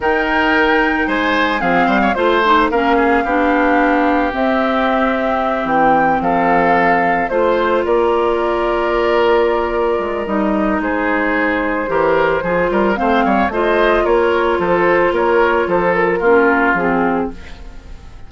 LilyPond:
<<
  \new Staff \with { instrumentName = "flute" } { \time 4/4 \tempo 4 = 111 g''2 gis''4 f''4 | c''4 f''2. | e''2~ e''8 g''4 f''8~ | f''4. c''4 d''4.~ |
d''2. dis''4 | c''1 | f''4 dis''4 cis''4 c''4 | cis''4 c''8 ais'4. gis'4 | }
  \new Staff \with { instrumentName = "oboe" } { \time 4/4 ais'2 c''4 gis'8 c''16 cis''16 | c''4 ais'8 gis'8 g'2~ | g'2.~ g'8 a'8~ | a'4. c''4 ais'4.~ |
ais'1 | gis'2 ais'4 gis'8 ais'8 | c''8 cis''8 c''4 ais'4 a'4 | ais'4 a'4 f'2 | }
  \new Staff \with { instrumentName = "clarinet" } { \time 4/4 dis'2. c'4 | f'8 dis'8 cis'4 d'2 | c'1~ | c'4. f'2~ f'8~ |
f'2. dis'4~ | dis'2 g'4 f'4 | c'4 f'2.~ | f'2 cis'4 c'4 | }
  \new Staff \with { instrumentName = "bassoon" } { \time 4/4 dis2 gis4 f8 g8 | a4 ais4 b2 | c'2~ c'8 e4 f8~ | f4. a4 ais4.~ |
ais2~ ais8 gis8 g4 | gis2 e4 f8 g8 | a8 g8 a4 ais4 f4 | ais4 f4 ais4 f4 | }
>>